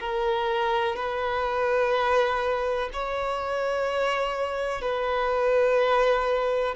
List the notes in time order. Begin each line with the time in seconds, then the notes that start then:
0.00 A#4
0.96 B4
2.93 C#5
4.82 B4